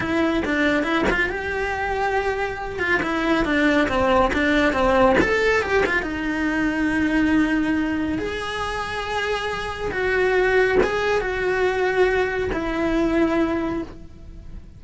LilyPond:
\new Staff \with { instrumentName = "cello" } { \time 4/4 \tempo 4 = 139 e'4 d'4 e'8 f'8 g'4~ | g'2~ g'8 f'8 e'4 | d'4 c'4 d'4 c'4 | a'4 g'8 f'8 dis'2~ |
dis'2. gis'4~ | gis'2. fis'4~ | fis'4 gis'4 fis'2~ | fis'4 e'2. | }